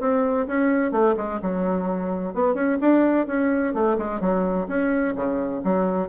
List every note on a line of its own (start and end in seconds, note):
0.00 0.47 C4
0.47 0.92 C#4
0.92 1.15 A3
1.17 1.40 G#3
1.42 2.34 F#3
2.34 2.54 B3
2.54 2.78 C#4
2.81 3.27 D4
3.27 3.74 C#4
3.74 3.98 A3
3.98 4.20 G#3
4.20 4.67 F#3
4.68 5.15 C#4
5.16 5.62 C#3
5.64 6.09 F#3